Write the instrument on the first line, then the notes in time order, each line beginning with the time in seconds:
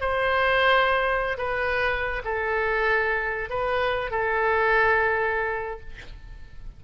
oboe
0.00 C5
1.38 B4
2.24 A4
3.49 B4
4.11 A4